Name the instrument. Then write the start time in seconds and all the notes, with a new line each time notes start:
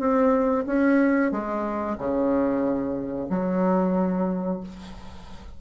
bassoon
0.00 C4
0.67 C#4
1.32 G#3
1.98 C#3
3.30 F#3